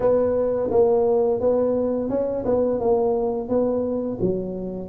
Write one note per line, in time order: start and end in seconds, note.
0.00 0.70 B3
0.70 1.40 A#3
1.40 2.09 B3
2.09 2.44 C#4
2.45 2.79 B3
2.79 3.48 A#3
3.48 4.18 B3
4.21 4.88 F#3